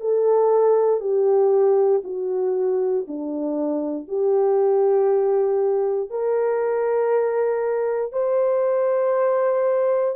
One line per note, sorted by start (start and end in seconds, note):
0.00 1.00 A4
1.00 2.02 G4
2.04 3.06 F#4
3.07 4.08 D4
4.08 6.10 G4
6.10 8.12 A#4
8.12 10.16 C5